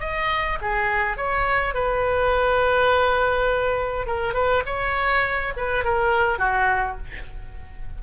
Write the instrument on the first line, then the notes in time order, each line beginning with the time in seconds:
oboe
0.00 D#5
0.61 G#4
1.17 C#5
1.74 B4
4.07 A#4
4.34 B4
4.66 C#5
5.57 B4
5.84 A#4
6.39 F#4